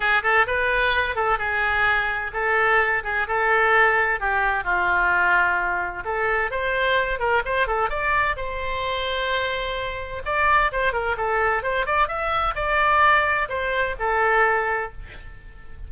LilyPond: \new Staff \with { instrumentName = "oboe" } { \time 4/4 \tempo 4 = 129 gis'8 a'8 b'4. a'8 gis'4~ | gis'4 a'4. gis'8 a'4~ | a'4 g'4 f'2~ | f'4 a'4 c''4. ais'8 |
c''8 a'8 d''4 c''2~ | c''2 d''4 c''8 ais'8 | a'4 c''8 d''8 e''4 d''4~ | d''4 c''4 a'2 | }